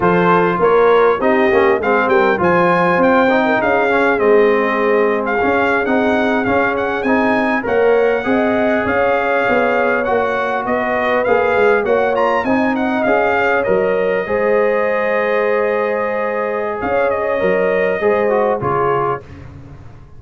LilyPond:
<<
  \new Staff \with { instrumentName = "trumpet" } { \time 4/4 \tempo 4 = 100 c''4 cis''4 dis''4 f''8 g''8 | gis''4 g''4 f''4 dis''4~ | dis''8. f''4 fis''4 f''8 fis''8 gis''16~ | gis''8. fis''2 f''4~ f''16~ |
f''8. fis''4 dis''4 f''4 fis''16~ | fis''16 ais''8 gis''8 fis''8 f''4 dis''4~ dis''16~ | dis''1 | f''8 dis''2~ dis''8 cis''4 | }
  \new Staff \with { instrumentName = "horn" } { \time 4/4 a'4 ais'4 g'4 gis'8 ais'8 | c''4.~ c''16 ais'16 gis'2~ | gis'1~ | gis'8. cis''4 dis''4 cis''4~ cis''16~ |
cis''4.~ cis''16 b'2 cis''16~ | cis''8. dis''4. cis''4. c''16~ | c''1 | cis''2 c''4 gis'4 | }
  \new Staff \with { instrumentName = "trombone" } { \time 4/4 f'2 dis'8 cis'8 c'4 | f'4. dis'4 cis'8 c'4~ | c'4 cis'8. dis'4 cis'4 dis'16~ | dis'8. ais'4 gis'2~ gis'16~ |
gis'8. fis'2 gis'4 fis'16~ | fis'16 f'8 dis'4 gis'4 ais'4 gis'16~ | gis'1~ | gis'4 ais'4 gis'8 fis'8 f'4 | }
  \new Staff \with { instrumentName = "tuba" } { \time 4/4 f4 ais4 c'8 ais8 gis8 g8 | f4 c'4 cis'4 gis4~ | gis4 cis'8. c'4 cis'4 c'16~ | c'8. ais4 c'4 cis'4 b16~ |
b8. ais4 b4 ais8 gis8 ais16~ | ais8. c'4 cis'4 fis4 gis16~ | gis1 | cis'4 fis4 gis4 cis4 | }
>>